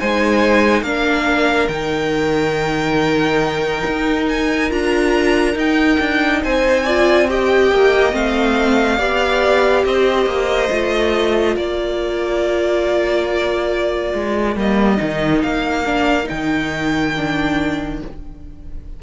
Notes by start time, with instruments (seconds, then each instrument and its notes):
0.00 cello G#3, viola D#4, violin C5 G#5
0.83 cello A#3, viola D4, violin A#4 F5
1.69 cello D#3, viola D#4, violin G5
3.87 cello D#4
4.29 violin G#5
4.70 cello D4, viola F4, violin A#5
5.55 cello D#4, viola D#4, violin G5
6.00 cello D4
6.43 cello C4, violin C5 G#5
6.84 viola F4, violin D5
7.29 viola G4, violin D#5 G5
7.71 cello A#3
8.12 cello A3, viola C4, violin F5
8.97 cello B3, viola G4, violin D5
9.85 cello C4, violin C5 D#5
10.26 cello A#3
10.71 cello A3, viola F4
11.56 cello A#3, violin A#4 D5
14.14 cello G#3
14.56 cello G3, viola A#3, violin D#5
14.98 cello D#3, viola D#4
15.43 cello A#3, violin F5
15.86 viola D4
16.24 viola D#4, violin G5
16.31 cello D#3
17.17 viola D4